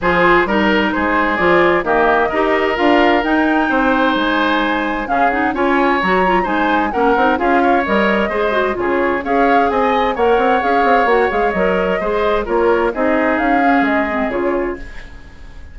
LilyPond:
<<
  \new Staff \with { instrumentName = "flute" } { \time 4/4 \tempo 4 = 130 c''4 ais'4 c''4 d''4 | dis''2 f''4 g''4~ | g''4 gis''2 f''8 fis''8 | gis''4 ais''4 gis''4 fis''4 |
f''4 dis''2 cis''4 | f''4 gis''4 fis''4 f''4 | fis''8 f''8 dis''2 cis''4 | dis''4 f''4 dis''4 cis''4 | }
  \new Staff \with { instrumentName = "oboe" } { \time 4/4 gis'4 ais'4 gis'2 | g'4 ais'2. | c''2. gis'4 | cis''2 c''4 ais'4 |
gis'8 cis''4. c''4 gis'4 | cis''4 dis''4 cis''2~ | cis''2 c''4 ais'4 | gis'1 | }
  \new Staff \with { instrumentName = "clarinet" } { \time 4/4 f'4 dis'2 f'4 | ais4 g'4 f'4 dis'4~ | dis'2. cis'8 dis'8 | f'4 fis'8 f'8 dis'4 cis'8 dis'8 |
f'4 ais'4 gis'8 fis'8 f'4 | gis'2 ais'4 gis'4 | fis'8 gis'8 ais'4 gis'4 f'4 | dis'4. cis'4 c'8 f'4 | }
  \new Staff \with { instrumentName = "bassoon" } { \time 4/4 f4 g4 gis4 f4 | dis4 dis'4 d'4 dis'4 | c'4 gis2 cis4 | cis'4 fis4 gis4 ais8 c'8 |
cis'4 g4 gis4 cis4 | cis'4 c'4 ais8 c'8 cis'8 c'8 | ais8 gis8 fis4 gis4 ais4 | c'4 cis'4 gis4 cis4 | }
>>